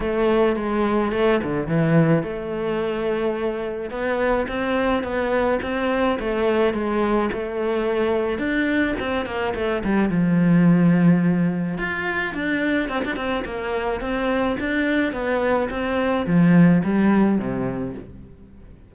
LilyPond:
\new Staff \with { instrumentName = "cello" } { \time 4/4 \tempo 4 = 107 a4 gis4 a8 d8 e4 | a2. b4 | c'4 b4 c'4 a4 | gis4 a2 d'4 |
c'8 ais8 a8 g8 f2~ | f4 f'4 d'4 c'16 d'16 c'8 | ais4 c'4 d'4 b4 | c'4 f4 g4 c4 | }